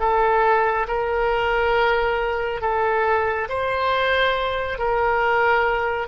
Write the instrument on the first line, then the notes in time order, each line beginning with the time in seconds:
oboe
0.00 A4
0.88 A#4
2.62 A4
3.49 C5
4.79 A#4